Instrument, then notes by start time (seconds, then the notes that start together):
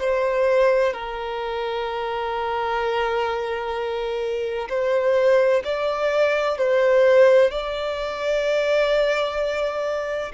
violin
0.00 C5
0.93 A#4
4.70 C5
5.65 D5
6.58 C5
7.51 D5